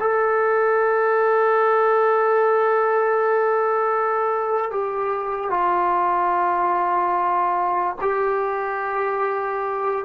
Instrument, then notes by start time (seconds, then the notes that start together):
trombone
0.00 A4
4.71 G4
5.50 F4
8.01 G4